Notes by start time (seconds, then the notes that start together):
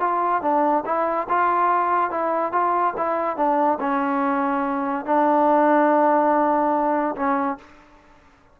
0.00 F4
0.42 D4
0.85 E4
1.29 F4
2.11 E4
2.52 F4
2.97 E4
3.37 D4
3.80 C#4
5.06 D4
7.16 C#4